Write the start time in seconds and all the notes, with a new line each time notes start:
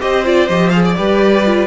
0.00 C4 G4 C5 D#5
0.24 F4 D5
0.48 F3 G4 D#5
0.69 G#4 F5
0.83 D5
0.96 G3 G4 B4
1.45 F4